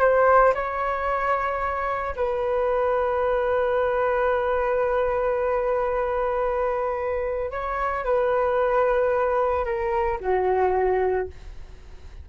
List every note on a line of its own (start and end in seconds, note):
0.00 0.54 C5
0.54 2.15 C#5
2.16 7.51 B4
7.51 8.05 C#5
8.05 9.65 B4
9.65 10.19 A#4
10.21 11.28 F#4